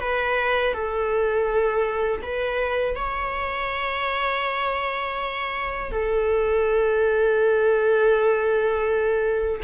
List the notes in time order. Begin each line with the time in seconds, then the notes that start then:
0.00 B4
0.74 A4
2.23 B4
2.96 C#5
5.92 A4